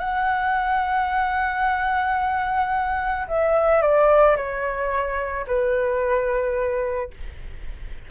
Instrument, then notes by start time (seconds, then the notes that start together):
flute
0.00 F#5
3.29 E5
3.82 D5
4.37 C#5
5.47 B4